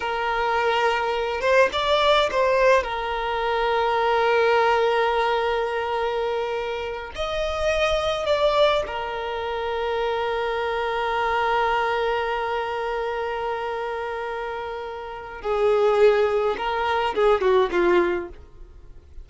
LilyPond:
\new Staff \with { instrumentName = "violin" } { \time 4/4 \tempo 4 = 105 ais'2~ ais'8 c''8 d''4 | c''4 ais'2.~ | ais'1~ | ais'8 dis''2 d''4 ais'8~ |
ais'1~ | ais'1~ | ais'2. gis'4~ | gis'4 ais'4 gis'8 fis'8 f'4 | }